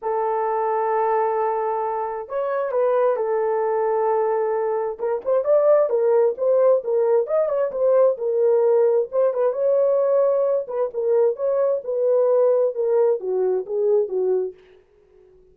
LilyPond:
\new Staff \with { instrumentName = "horn" } { \time 4/4 \tempo 4 = 132 a'1~ | a'4 cis''4 b'4 a'4~ | a'2. ais'8 c''8 | d''4 ais'4 c''4 ais'4 |
dis''8 cis''8 c''4 ais'2 | c''8 b'8 cis''2~ cis''8 b'8 | ais'4 cis''4 b'2 | ais'4 fis'4 gis'4 fis'4 | }